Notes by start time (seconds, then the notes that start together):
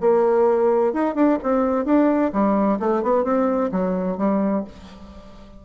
0.00 A#3
0.93 D#4
1.14 D4
1.42 C4
1.85 D4
2.32 G3
2.79 A3
3.02 B3
3.24 C4
3.71 F#3
4.18 G3